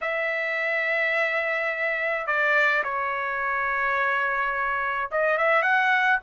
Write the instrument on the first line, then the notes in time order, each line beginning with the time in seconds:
trumpet
0.01 E5
2.26 D5
2.83 C#5
5.11 D#5
5.37 E5
5.62 F#5